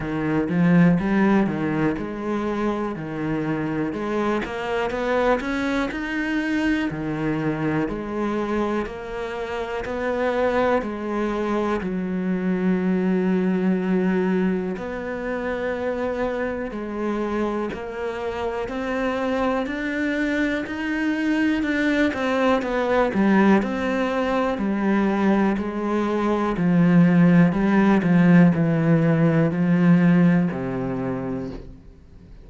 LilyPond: \new Staff \with { instrumentName = "cello" } { \time 4/4 \tempo 4 = 61 dis8 f8 g8 dis8 gis4 dis4 | gis8 ais8 b8 cis'8 dis'4 dis4 | gis4 ais4 b4 gis4 | fis2. b4~ |
b4 gis4 ais4 c'4 | d'4 dis'4 d'8 c'8 b8 g8 | c'4 g4 gis4 f4 | g8 f8 e4 f4 c4 | }